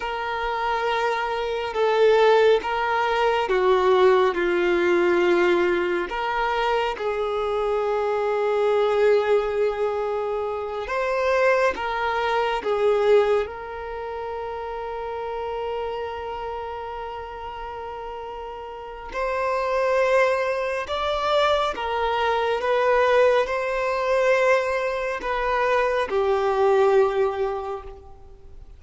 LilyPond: \new Staff \with { instrumentName = "violin" } { \time 4/4 \tempo 4 = 69 ais'2 a'4 ais'4 | fis'4 f'2 ais'4 | gis'1~ | gis'8 c''4 ais'4 gis'4 ais'8~ |
ais'1~ | ais'2 c''2 | d''4 ais'4 b'4 c''4~ | c''4 b'4 g'2 | }